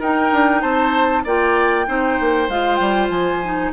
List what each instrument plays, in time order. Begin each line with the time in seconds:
0.00 bassoon D#4, clarinet D#4, oboe A#4, flute G5
0.32 bassoon D4
0.62 bassoon C4, oboe C5, flute A5
1.24 bassoon A#3, clarinet F4, oboe D5, flute G5
1.86 bassoon C4, clarinet D#4, oboe C5
2.20 bassoon A#3
2.49 bassoon G#3, clarinet F4, flute F5
2.76 bassoon G3, flute G5
3.10 bassoon F3, flute G#5
3.44 clarinet D#4